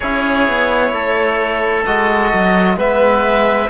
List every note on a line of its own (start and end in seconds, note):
0.00 0.48 C#4
0.00 1.86 E4
0.00 0.92 G#4
0.00 1.84 C#5
0.48 0.91 B3
0.91 1.84 A3
0.91 2.77 A4
1.86 2.33 G#3
1.86 2.77 F#4
1.86 2.78 D#5
2.33 2.76 F#3
2.76 3.68 G#3
2.76 3.69 B3
2.76 3.69 B4
2.76 3.69 E5